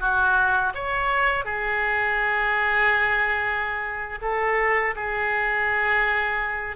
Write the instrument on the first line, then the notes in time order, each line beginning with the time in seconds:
oboe
0.00 F#4
0.75 C#5
1.45 G#4
4.22 A4
4.96 G#4